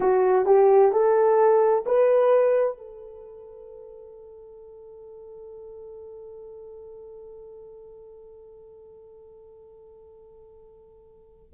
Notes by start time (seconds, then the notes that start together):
0.00 F#4
0.45 G4
0.91 A4
1.86 B4
2.77 A4